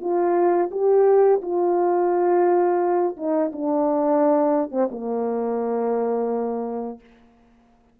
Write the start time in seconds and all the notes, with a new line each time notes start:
0.00 F4
0.71 G4
1.41 F4
3.16 D#4
3.52 D4
4.71 C4
4.90 A#3